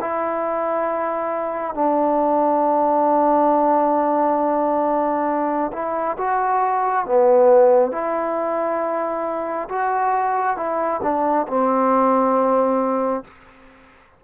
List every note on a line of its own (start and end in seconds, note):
0.00 1.74 E4
1.74 5.71 D4
5.72 6.16 E4
6.17 7.05 F#4
7.05 7.91 B3
7.91 9.68 E4
9.69 10.56 F#4
10.56 11.01 E4
11.03 11.47 D4
11.47 13.24 C4